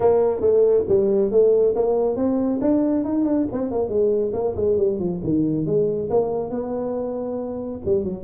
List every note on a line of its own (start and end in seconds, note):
0.00 0.40 A#3
0.40 0.84 A3
0.88 1.31 G3
1.31 1.75 A3
1.75 2.16 A#3
2.16 2.59 C4
2.61 3.04 D4
3.04 3.25 D#4
3.25 3.47 D4
3.52 3.71 C4
3.71 3.88 A#3
3.88 4.32 G#3
4.33 4.55 A#3
4.56 4.77 G#3
4.77 4.99 G3
4.99 5.21 F3
5.23 5.66 D#3
5.66 6.09 G#3
6.09 6.50 A#3
6.50 7.80 B3
7.85 8.04 G3
8.04 8.23 F#3